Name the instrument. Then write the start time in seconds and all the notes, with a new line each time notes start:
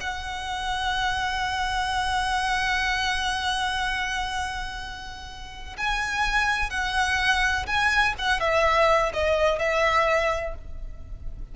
violin
0.00 F#5
5.77 G#5
6.70 F#5
7.66 G#5
8.18 F#5
8.40 E5
9.13 D#5
9.58 E5